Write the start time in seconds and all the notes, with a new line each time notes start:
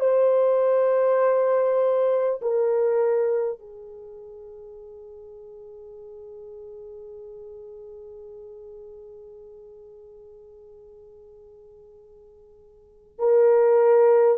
0.00 C5
2.41 A#4
3.58 G#4
13.18 A#4